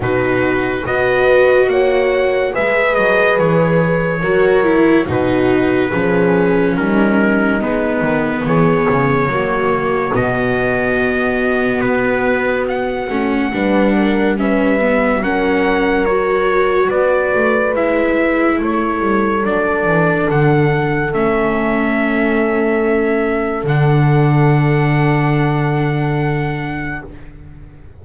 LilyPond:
<<
  \new Staff \with { instrumentName = "trumpet" } { \time 4/4 \tempo 4 = 71 b'4 dis''4 fis''4 e''8 dis''8 | cis''2 b'2 | ais'4 b'4 cis''2 | dis''2 b'4 fis''4~ |
fis''4 e''4 fis''4 cis''4 | d''4 e''4 cis''4 d''4 | fis''4 e''2. | fis''1 | }
  \new Staff \with { instrumentName = "horn" } { \time 4/4 fis'4 b'4 cis''4 b'4~ | b'4 ais'4 fis'4 gis'4 | dis'2 gis'4 fis'4~ | fis'1 |
b'8 ais'8 b'4 ais'2 | b'2 a'2~ | a'1~ | a'1 | }
  \new Staff \with { instrumentName = "viola" } { \time 4/4 dis'4 fis'2 gis'4~ | gis'4 fis'8 e'8 dis'4 cis'4~ | cis'4 b2 ais4 | b2.~ b8 cis'8 |
d'4 cis'8 b8 cis'4 fis'4~ | fis'4 e'2 d'4~ | d'4 cis'2. | d'1 | }
  \new Staff \with { instrumentName = "double bass" } { \time 4/4 b,4 b4 ais4 gis8 fis8 | e4 fis4 b,4 f4 | g4 gis8 dis8 e8 cis8 fis4 | b,2 b4. a8 |
g2 fis2 | b8 a8 gis4 a8 g8 fis8 e8 | d4 a2. | d1 | }
>>